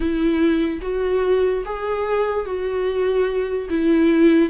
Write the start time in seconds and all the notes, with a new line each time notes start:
0.00 E4
0.81 F#4
1.65 G#4
2.45 F#4
3.69 E4